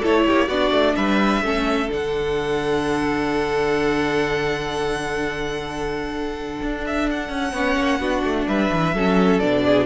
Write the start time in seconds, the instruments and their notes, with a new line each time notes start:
0.00 cello A3, viola E4, violin A4 C#5
0.27 cello A#3, violin G4
0.47 cello B3, viola D4, violin F#4 D5
0.71 cello A3
0.96 cello G3, violin B4 E5
1.42 cello A3, viola C#4, violin A4
1.89 cello D3, viola D4, violin F#5
6.62 cello D4
6.87 violin E5
7.11 violin F#5
7.30 cello C#4
7.53 cello B3, viola C#4, violin C#5
7.78 cello A#3
8.00 cello B3, viola D4, violin F#4
8.23 cello A3
8.48 cello G3, violin B4 E5
8.72 cello E3
8.94 cello F#3, viola C#4, violin A4
9.40 cello B2, viola D4, violin D5
9.66 violin G#4